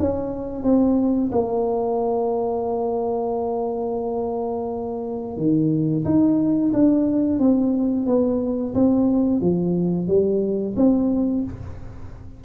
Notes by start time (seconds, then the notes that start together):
0.00 C#4
0.64 C4
1.33 A#3
5.37 D#3
6.05 D#4
6.74 D4
7.40 C4
8.07 B3
8.75 C4
9.41 F3
10.08 G3
10.77 C4